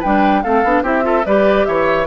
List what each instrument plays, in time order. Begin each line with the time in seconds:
0.00 bassoon G3, clarinet D4, oboe B4, flute G5
0.43 bassoon A3, clarinet C4, oboe A4, flute F5
0.64 bassoon B3, clarinet D4
0.83 bassoon C4, clarinet E4, oboe G4, flute E5
1.02 clarinet F4, oboe A4
1.26 bassoon G3, clarinet G4, oboe B4, flute D5
1.66 bassoon E3, oboe C#5, flute E5